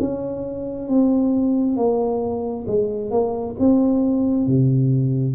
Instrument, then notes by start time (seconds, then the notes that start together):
tuba
0.00 C#4
0.89 C4
1.76 A#3
2.67 G#3
3.11 A#3
3.59 C4
4.47 C3